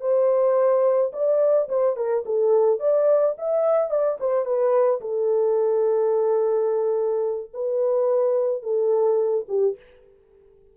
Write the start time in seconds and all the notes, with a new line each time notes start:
0.00 C5
1.12 D5
1.68 C5
1.96 A#4
2.25 A4
2.79 D5
3.38 E5
3.90 D5
4.20 C5
4.44 B4
5.01 A4
7.53 B4
8.62 A4
9.48 G4